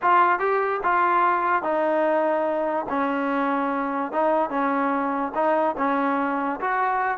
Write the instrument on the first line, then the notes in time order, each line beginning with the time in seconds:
trombone
0.01 F4
0.39 G4
0.83 F4
1.62 D#4
2.89 C#4
4.12 D#4
4.49 C#4
5.34 D#4
5.77 C#4
6.60 F#4